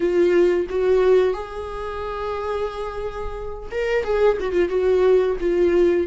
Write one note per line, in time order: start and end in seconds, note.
0.00 0.66 F4
0.69 1.33 F#4
1.33 3.69 G#4
3.71 4.04 A#4
4.04 4.37 G#4
4.40 4.52 F#4
4.52 4.69 F4
4.69 5.36 F#4
5.40 6.07 F4